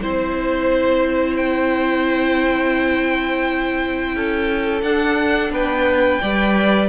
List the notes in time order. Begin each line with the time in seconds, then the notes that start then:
0.00 C4 E4 C5
1.36 G5
4.15 C#4 A4
4.81 D4 F#5
5.50 B3 B4 G5
6.21 G3 B4 D5